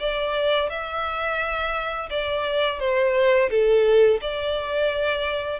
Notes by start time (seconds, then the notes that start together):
0.00 D5
0.70 E5
2.10 D5
2.80 C5
3.51 A4
4.21 D5